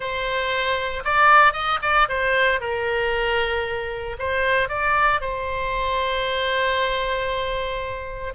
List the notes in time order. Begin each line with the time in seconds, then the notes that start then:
0.00 C5
1.04 D5
1.53 D#5
1.82 D5
2.09 C5
2.60 A#4
4.18 C5
4.69 D5
5.20 C5